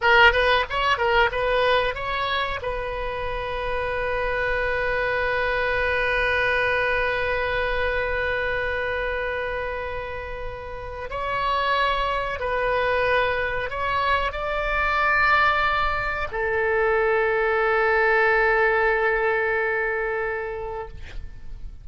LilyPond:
\new Staff \with { instrumentName = "oboe" } { \time 4/4 \tempo 4 = 92 ais'8 b'8 cis''8 ais'8 b'4 cis''4 | b'1~ | b'1~ | b'1~ |
b'4 cis''2 b'4~ | b'4 cis''4 d''2~ | d''4 a'2.~ | a'1 | }